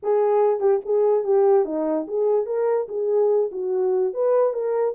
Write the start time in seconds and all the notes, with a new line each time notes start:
0.03 G#4
0.59 G4
0.85 G#4
1.23 G4
1.65 D#4
2.07 G#4
2.45 A#4
2.88 G#4
3.51 F#4
4.13 B4
4.53 A#4